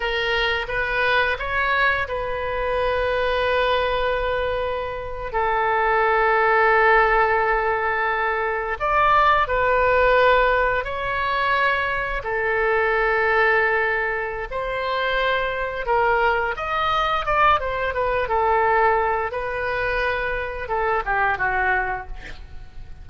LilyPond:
\new Staff \with { instrumentName = "oboe" } { \time 4/4 \tempo 4 = 87 ais'4 b'4 cis''4 b'4~ | b'2.~ b'8. a'16~ | a'1~ | a'8. d''4 b'2 cis''16~ |
cis''4.~ cis''16 a'2~ a'16~ | a'4 c''2 ais'4 | dis''4 d''8 c''8 b'8 a'4. | b'2 a'8 g'8 fis'4 | }